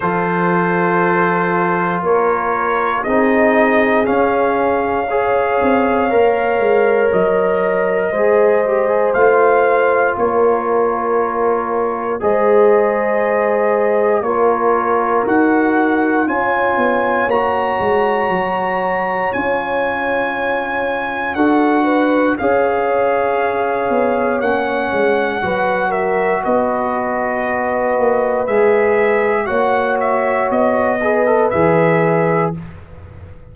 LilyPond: <<
  \new Staff \with { instrumentName = "trumpet" } { \time 4/4 \tempo 4 = 59 c''2 cis''4 dis''4 | f''2. dis''4~ | dis''4 f''4 cis''2 | dis''2 cis''4 fis''4 |
gis''4 ais''2 gis''4~ | gis''4 fis''4 f''2 | fis''4. e''8 dis''2 | e''4 fis''8 e''8 dis''4 e''4 | }
  \new Staff \with { instrumentName = "horn" } { \time 4/4 a'2 ais'4 gis'4~ | gis'4 cis''2. | c''2 ais'2 | c''2 ais'2 |
cis''1~ | cis''4 a'8 b'8 cis''2~ | cis''4 b'8 ais'8 b'2~ | b'4 cis''4. b'4. | }
  \new Staff \with { instrumentName = "trombone" } { \time 4/4 f'2. dis'4 | cis'4 gis'4 ais'2 | gis'8 g'16 gis'16 f'2. | gis'2 f'4 fis'4 |
f'4 fis'2 f'4~ | f'4 fis'4 gis'2 | cis'4 fis'2. | gis'4 fis'4. gis'16 a'16 gis'4 | }
  \new Staff \with { instrumentName = "tuba" } { \time 4/4 f2 ais4 c'4 | cis'4. c'8 ais8 gis8 fis4 | gis4 a4 ais2 | gis2 ais4 dis'4 |
cis'8 b8 ais8 gis8 fis4 cis'4~ | cis'4 d'4 cis'4. b8 | ais8 gis8 fis4 b4. ais8 | gis4 ais4 b4 e4 | }
>>